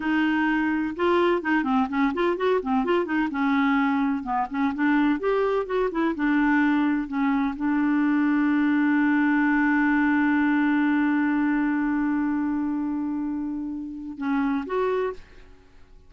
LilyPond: \new Staff \with { instrumentName = "clarinet" } { \time 4/4 \tempo 4 = 127 dis'2 f'4 dis'8 c'8 | cis'8 f'8 fis'8 c'8 f'8 dis'8 cis'4~ | cis'4 b8 cis'8 d'4 g'4 | fis'8 e'8 d'2 cis'4 |
d'1~ | d'1~ | d'1~ | d'2 cis'4 fis'4 | }